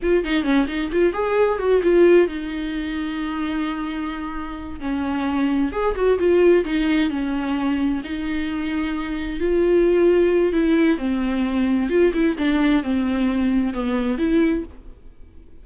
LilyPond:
\new Staff \with { instrumentName = "viola" } { \time 4/4 \tempo 4 = 131 f'8 dis'8 cis'8 dis'8 f'8 gis'4 fis'8 | f'4 dis'2.~ | dis'2~ dis'8 cis'4.~ | cis'8 gis'8 fis'8 f'4 dis'4 cis'8~ |
cis'4. dis'2~ dis'8~ | dis'8 f'2~ f'8 e'4 | c'2 f'8 e'8 d'4 | c'2 b4 e'4 | }